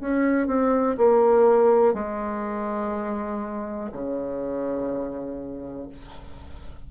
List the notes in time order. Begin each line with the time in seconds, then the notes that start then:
0.00 C#4
0.47 C4
0.97 A#3
1.94 G#3
3.92 C#3